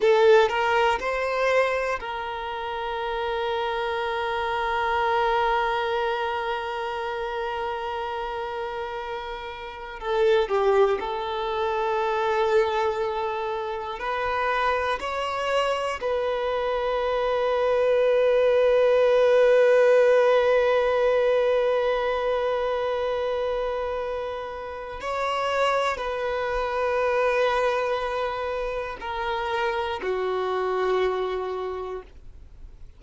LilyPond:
\new Staff \with { instrumentName = "violin" } { \time 4/4 \tempo 4 = 60 a'8 ais'8 c''4 ais'2~ | ais'1~ | ais'2 a'8 g'8 a'4~ | a'2 b'4 cis''4 |
b'1~ | b'1~ | b'4 cis''4 b'2~ | b'4 ais'4 fis'2 | }